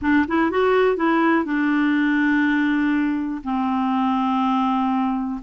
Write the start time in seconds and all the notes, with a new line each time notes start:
0.01 D4
0.27 E4
0.50 F#4
0.96 E4
1.45 D4
3.44 C4